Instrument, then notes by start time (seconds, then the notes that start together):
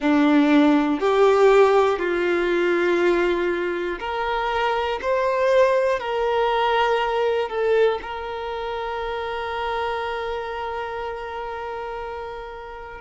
violin
0.00 D4
1.00 G4
1.99 F4
4.00 A#4
5.01 C5
5.99 A#4
7.49 A4
8.02 A#4